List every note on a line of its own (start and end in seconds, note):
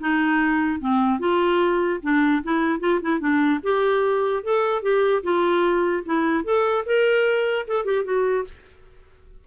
0.00 0.80 D#4
0.80 1.19 C4
1.19 2.00 F4
2.02 2.43 D4
2.43 2.79 E4
2.79 3.00 F4
3.01 3.20 E4
3.20 3.60 D4
3.63 4.43 G4
4.43 4.82 A4
4.82 5.22 G4
5.23 6.03 F4
6.05 6.44 E4
6.44 6.84 A4
6.85 7.66 A#4
7.67 7.84 A4
7.84 8.04 G4
8.04 8.44 F#4